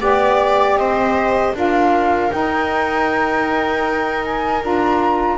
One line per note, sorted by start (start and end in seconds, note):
0.00 0.76 B3
0.00 1.54 G4
0.00 0.77 D5
0.76 1.53 C4
0.76 1.56 C5
0.76 1.54 D#5
1.54 2.30 D4
1.54 2.29 F4
1.54 5.38 A#4
1.54 2.32 F5
2.29 4.60 D#4
2.29 4.63 D#4
2.29 4.24 G5
4.24 4.63 G#5
4.61 5.38 D4
4.61 5.38 F4
4.61 5.38 A#5